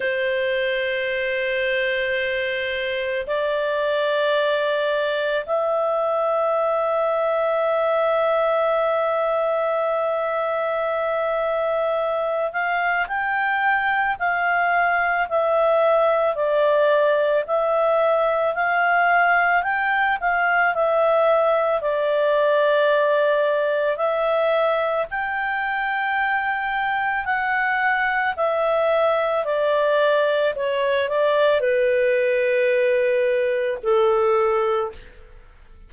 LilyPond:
\new Staff \with { instrumentName = "clarinet" } { \time 4/4 \tempo 4 = 55 c''2. d''4~ | d''4 e''2.~ | e''2.~ e''8 f''8 | g''4 f''4 e''4 d''4 |
e''4 f''4 g''8 f''8 e''4 | d''2 e''4 g''4~ | g''4 fis''4 e''4 d''4 | cis''8 d''8 b'2 a'4 | }